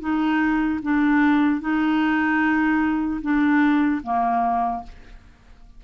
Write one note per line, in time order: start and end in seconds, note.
0.00 0.80 D#4
0.83 1.61 D4
1.61 3.21 D#4
3.21 4.01 D4
4.03 4.83 A#3